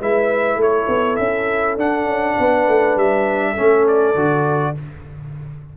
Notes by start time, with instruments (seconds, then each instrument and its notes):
0.00 tuba G#3, trombone E4, horn B4, trumpet E5
0.56 tuba A3, horn A4
0.62 trumpet C#5
0.88 tuba B3
1.16 tuba C#4, trumpet E5
1.77 tuba D4, trombone D4, trumpet F#5
2.05 tuba C#4
2.38 tuba B3, horn B4
2.68 tuba A3
2.96 tuba G3, trumpet E5
3.53 trombone C#4, horn A4
3.60 tuba A3
3.88 trumpet D5
4.15 tuba D3, trombone F#4